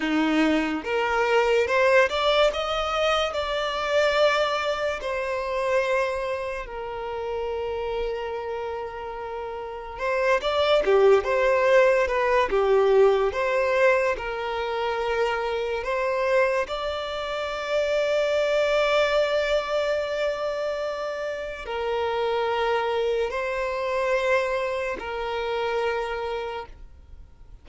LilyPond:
\new Staff \with { instrumentName = "violin" } { \time 4/4 \tempo 4 = 72 dis'4 ais'4 c''8 d''8 dis''4 | d''2 c''2 | ais'1 | c''8 d''8 g'8 c''4 b'8 g'4 |
c''4 ais'2 c''4 | d''1~ | d''2 ais'2 | c''2 ais'2 | }